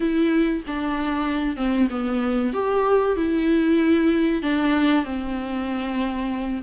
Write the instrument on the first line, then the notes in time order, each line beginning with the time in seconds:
viola
0.00 E4
0.66 D4
1.56 C4
1.90 B3
2.53 G4
3.16 E4
4.42 D4
5.04 C4